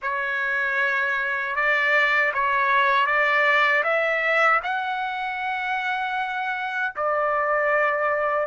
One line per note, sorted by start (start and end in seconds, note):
0.01 1.55 C#5
1.55 2.32 D5
2.33 3.06 C#5
3.06 3.83 D5
3.83 4.60 E5
4.63 6.94 F#5
6.96 8.47 D5